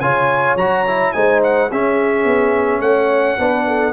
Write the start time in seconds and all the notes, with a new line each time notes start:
0.00 C#3 F4 C#5 G#5
0.56 F#3 F#4 A#5
0.87 E4
1.12 G#3 D#4 C5 G#5
1.43 F#5
1.70 C#4 G#4 E5
2.24 B3
2.80 A3 C#5 F#5
3.38 B3 D4 B4
3.67 A4